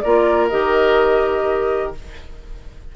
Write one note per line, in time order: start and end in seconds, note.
0.00 0.52 A#3
0.00 0.51 F4
0.00 1.96 A#4
0.00 0.48 D5
0.49 1.96 D#3
0.49 1.95 G4
0.49 1.93 D#5